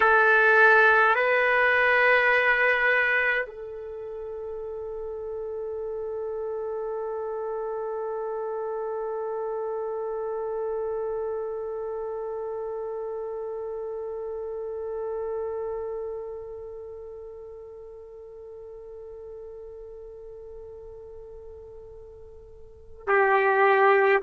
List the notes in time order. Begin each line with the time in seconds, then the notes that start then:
0.00 A4
1.15 B4
3.46 A4
23.07 G4